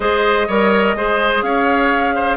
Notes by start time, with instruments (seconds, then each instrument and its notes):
0.00 bassoon G#3, clarinet G#4, oboe C5, flute D#5
0.47 bassoon G3, clarinet A#4, oboe C#5
0.94 bassoon G#3, clarinet G#4, oboe C5
1.42 bassoon C#4, oboe C#5, flute F5
2.15 oboe C5